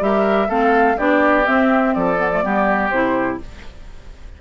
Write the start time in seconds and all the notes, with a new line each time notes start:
0.00 G3 G4 A#4 E5
0.48 A3 C4 A4 F5
0.97 B3 D4 G4 D5
1.45 C4 E5
1.94 F3 A4 D5
2.17 B3
2.32 A3
2.43 G3 B3 G4
2.89 C3 E4 C5